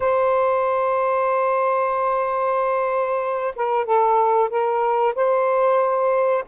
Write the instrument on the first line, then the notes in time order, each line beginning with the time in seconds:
saxophone
0.00 C5
3.55 A#4
3.85 A4
4.50 A#4
5.15 C5